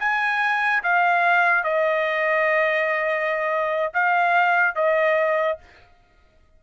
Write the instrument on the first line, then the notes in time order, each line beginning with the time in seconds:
trumpet
0.00 G#5
0.84 F5
1.64 D#5
3.94 F5
4.75 D#5